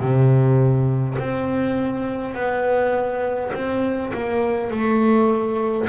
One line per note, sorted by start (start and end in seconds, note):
0.00 1.18 C3
1.19 2.34 C4
2.34 3.52 B3
3.53 4.12 C4
4.14 4.71 A#3
4.71 5.88 A3